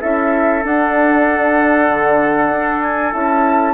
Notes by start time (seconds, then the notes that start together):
0.00 C#4 E4 A4 E5
0.64 D4 F#5
1.89 D3
2.51 D4
2.81 G#5
3.12 C#4 E4 A5